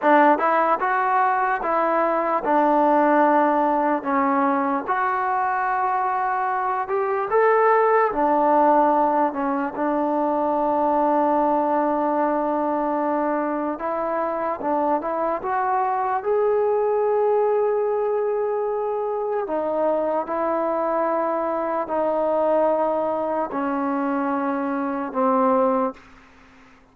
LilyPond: \new Staff \with { instrumentName = "trombone" } { \time 4/4 \tempo 4 = 74 d'8 e'8 fis'4 e'4 d'4~ | d'4 cis'4 fis'2~ | fis'8 g'8 a'4 d'4. cis'8 | d'1~ |
d'4 e'4 d'8 e'8 fis'4 | gis'1 | dis'4 e'2 dis'4~ | dis'4 cis'2 c'4 | }